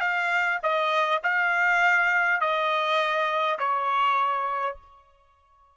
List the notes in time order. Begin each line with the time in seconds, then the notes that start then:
0.00 F5
0.63 D#5
1.23 F5
2.40 D#5
3.58 C#5